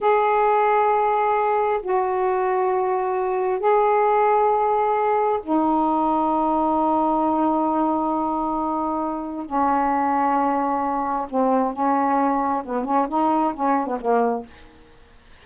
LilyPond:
\new Staff \with { instrumentName = "saxophone" } { \time 4/4 \tempo 4 = 133 gis'1 | fis'1 | gis'1 | dis'1~ |
dis'1~ | dis'4 cis'2.~ | cis'4 c'4 cis'2 | b8 cis'8 dis'4 cis'8. b16 ais4 | }